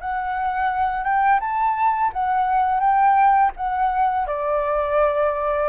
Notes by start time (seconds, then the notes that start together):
0.00 F#5
1.04 G5
1.40 A5
2.12 F#5
2.80 G5
3.56 F#5
4.26 D5